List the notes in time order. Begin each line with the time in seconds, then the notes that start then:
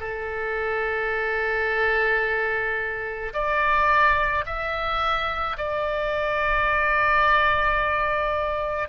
0.00 A4
3.34 D5
4.46 E5
5.58 D5